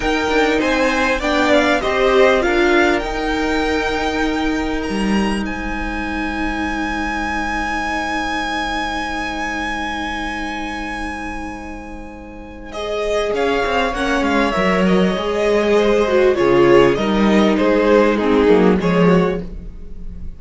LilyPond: <<
  \new Staff \with { instrumentName = "violin" } { \time 4/4 \tempo 4 = 99 g''4 gis''4 g''8 f''8 dis''4 | f''4 g''2. | ais''4 gis''2.~ | gis''1~ |
gis''1~ | gis''4 dis''4 f''4 fis''8 f''8 | e''8 dis''2~ dis''8 cis''4 | dis''4 c''4 gis'4 cis''4 | }
  \new Staff \with { instrumentName = "violin" } { \time 4/4 ais'4 c''4 d''4 c''4 | ais'1~ | ais'4 c''2.~ | c''1~ |
c''1~ | c''2 cis''2~ | cis''2 c''4 gis'4 | ais'4 gis'4 dis'4 gis'8 fis'8 | }
  \new Staff \with { instrumentName = "viola" } { \time 4/4 dis'2 d'4 g'4 | f'4 dis'2.~ | dis'1~ | dis'1~ |
dis'1~ | dis'4 gis'2 cis'4 | ais'4 gis'4. fis'8 f'4 | dis'2 c'8 ais8 gis4 | }
  \new Staff \with { instrumentName = "cello" } { \time 4/4 dis'8 d'8 c'4 b4 c'4 | d'4 dis'2. | g4 gis2.~ | gis1~ |
gis1~ | gis2 cis'8 c'8 ais8 gis8 | fis4 gis2 cis4 | g4 gis4. fis8 f4 | }
>>